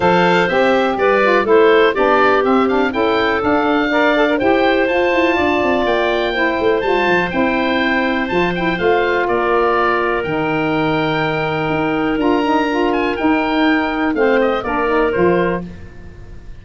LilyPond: <<
  \new Staff \with { instrumentName = "oboe" } { \time 4/4 \tempo 4 = 123 f''4 e''4 d''4 c''4 | d''4 e''8 f''8 g''4 f''4~ | f''4 g''4 a''2 | g''2 a''4 g''4~ |
g''4 a''8 g''8 f''4 d''4~ | d''4 g''2.~ | g''4 ais''4. gis''8 g''4~ | g''4 f''8 dis''8 d''4 c''4 | }
  \new Staff \with { instrumentName = "clarinet" } { \time 4/4 c''2 b'4 a'4 | g'2 a'2 | d''4 c''2 d''4~ | d''4 c''2.~ |
c''2. ais'4~ | ais'1~ | ais'1~ | ais'4 c''4 ais'2 | }
  \new Staff \with { instrumentName = "saxophone" } { \time 4/4 a'4 g'4. f'8 e'4 | d'4 c'8 d'8 e'4 d'4 | ais'8 a'16 ais'16 g'4 f'2~ | f'4 e'4 f'4 e'4~ |
e'4 f'8 e'8 f'2~ | f'4 dis'2.~ | dis'4 f'8 dis'8 f'4 dis'4~ | dis'4 c'4 d'8 dis'8 f'4 | }
  \new Staff \with { instrumentName = "tuba" } { \time 4/4 f4 c'4 g4 a4 | b4 c'4 cis'4 d'4~ | d'4 e'4 f'8 e'8 d'8 c'8 | ais4. a8 g8 f8 c'4~ |
c'4 f4 a4 ais4~ | ais4 dis2. | dis'4 d'2 dis'4~ | dis'4 a4 ais4 f4 | }
>>